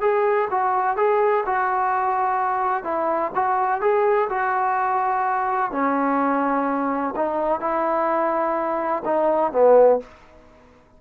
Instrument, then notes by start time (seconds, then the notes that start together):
trombone
0.00 G#4
0.50 F#4
0.96 G#4
1.45 F#4
2.84 E4
3.35 F#4
3.81 G#4
4.29 F#4
5.71 C#4
7.15 D#4
7.60 E4
9.05 D#4
9.52 B3